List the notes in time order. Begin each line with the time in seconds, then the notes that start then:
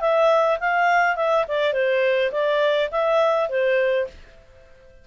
0.00 E5
0.60 F5
1.15 E5
1.47 D5
1.73 C5
2.31 D5
2.91 E5
3.48 C5